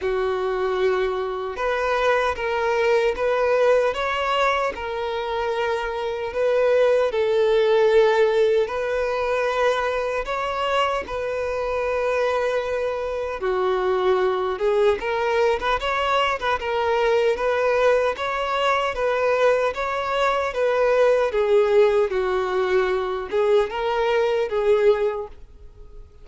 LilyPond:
\new Staff \with { instrumentName = "violin" } { \time 4/4 \tempo 4 = 76 fis'2 b'4 ais'4 | b'4 cis''4 ais'2 | b'4 a'2 b'4~ | b'4 cis''4 b'2~ |
b'4 fis'4. gis'8 ais'8. b'16 | cis''8. b'16 ais'4 b'4 cis''4 | b'4 cis''4 b'4 gis'4 | fis'4. gis'8 ais'4 gis'4 | }